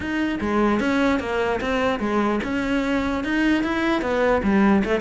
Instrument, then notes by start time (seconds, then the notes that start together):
cello
0.00 D#4
0.40 G#3
0.79 C#4
1.19 A#3
1.60 C4
1.99 G#3
2.43 C#4
3.24 D#4
3.63 E4
4.01 B3
4.43 G3
4.84 A3